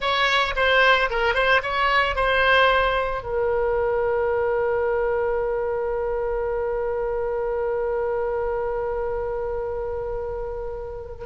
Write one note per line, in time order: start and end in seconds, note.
0.00 0.54 C#5
0.56 1.09 C5
1.10 1.34 A#4
1.34 1.61 C5
1.62 2.15 C#5
2.15 3.22 C5
3.22 11.25 A#4